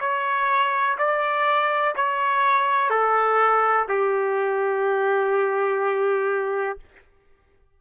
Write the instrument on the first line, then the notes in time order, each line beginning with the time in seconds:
trumpet
0.00 C#5
0.98 D5
1.96 C#5
2.90 A4
3.88 G4